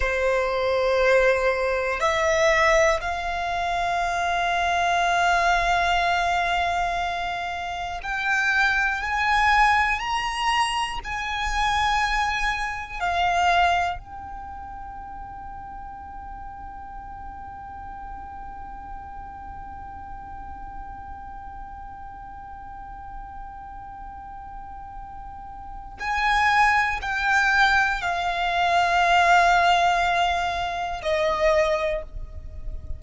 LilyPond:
\new Staff \with { instrumentName = "violin" } { \time 4/4 \tempo 4 = 60 c''2 e''4 f''4~ | f''1 | g''4 gis''4 ais''4 gis''4~ | gis''4 f''4 g''2~ |
g''1~ | g''1~ | g''2 gis''4 g''4 | f''2. dis''4 | }